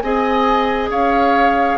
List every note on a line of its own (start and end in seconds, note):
0.00 0.90 C4
0.00 1.78 G#4
0.00 0.91 D#5
0.00 0.88 G#5
0.90 1.78 C#4
0.90 1.78 C#5
0.90 1.78 F5